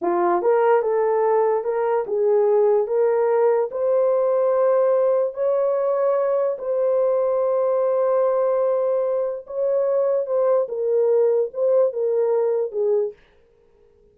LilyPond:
\new Staff \with { instrumentName = "horn" } { \time 4/4 \tempo 4 = 146 f'4 ais'4 a'2 | ais'4 gis'2 ais'4~ | ais'4 c''2.~ | c''4 cis''2. |
c''1~ | c''2. cis''4~ | cis''4 c''4 ais'2 | c''4 ais'2 gis'4 | }